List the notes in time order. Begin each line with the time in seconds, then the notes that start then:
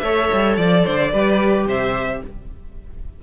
0.00 A3 A4 C#5 E5
0.33 G3
0.57 F3 D5
0.85 D3 C5
1.13 G3 G4 B4
1.66 C3 C5 E5